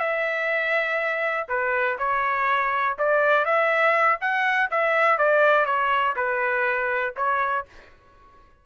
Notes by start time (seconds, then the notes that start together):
0.00 E5
1.49 B4
1.99 C#5
2.99 D5
3.46 E5
4.21 F#5
4.71 E5
5.18 D5
5.66 C#5
6.16 B4
7.17 C#5